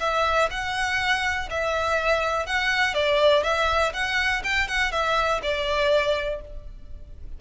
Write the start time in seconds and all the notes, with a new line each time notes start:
0.00 E5
0.51 F#5
1.50 E5
2.47 F#5
2.95 D5
3.44 E5
3.94 F#5
4.44 G5
4.68 F#5
4.92 E5
5.43 D5